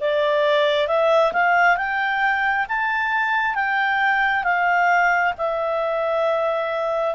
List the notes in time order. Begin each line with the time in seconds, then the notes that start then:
0.00 D5
0.87 E5
1.32 F5
1.77 G5
2.68 A5
3.55 G5
4.44 F5
5.37 E5